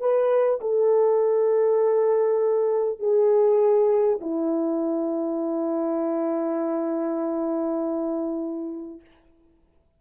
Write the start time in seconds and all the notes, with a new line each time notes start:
0.00 B4
0.61 A4
2.99 G#4
4.21 E4